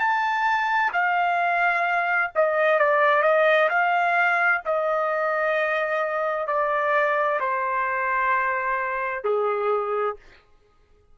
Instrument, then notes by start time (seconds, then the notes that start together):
trumpet
0.00 A5
0.93 F5
2.35 D#5
2.80 D5
3.23 D#5
3.70 F5
4.66 D#5
6.47 D5
7.41 C5
9.24 G#4